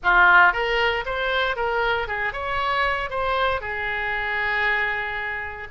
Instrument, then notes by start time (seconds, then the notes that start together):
oboe
0.03 F4
0.52 A#4
1.05 C5
1.55 A#4
2.07 G#4
2.33 C#5
3.10 C5
3.60 G#4